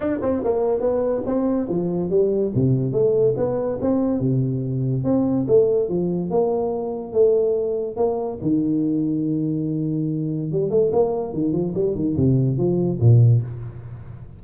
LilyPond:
\new Staff \with { instrumentName = "tuba" } { \time 4/4 \tempo 4 = 143 d'8 c'8 ais4 b4 c'4 | f4 g4 c4 a4 | b4 c'4 c2 | c'4 a4 f4 ais4~ |
ais4 a2 ais4 | dis1~ | dis4 g8 a8 ais4 dis8 f8 | g8 dis8 c4 f4 ais,4 | }